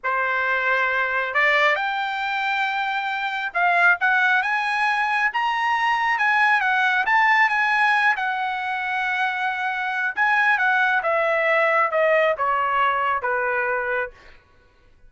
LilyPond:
\new Staff \with { instrumentName = "trumpet" } { \time 4/4 \tempo 4 = 136 c''2. d''4 | g''1 | f''4 fis''4 gis''2 | ais''2 gis''4 fis''4 |
a''4 gis''4. fis''4.~ | fis''2. gis''4 | fis''4 e''2 dis''4 | cis''2 b'2 | }